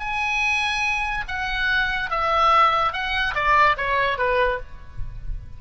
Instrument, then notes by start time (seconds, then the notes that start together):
oboe
0.00 G#5
1.28 F#5
2.11 E5
2.93 F#5
3.35 D5
3.78 C#5
4.18 B4